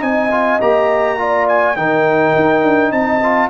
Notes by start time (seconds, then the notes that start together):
0.00 C4 D#4 D#5 G#5
0.31 F4
0.62 A#3 G4 A#5
1.19 F4 D5
1.49 G#5
1.77 D#3 D#4 A#4 G5
2.36 D#4
2.63 D4
2.92 C4 D#5 A5
3.23 F4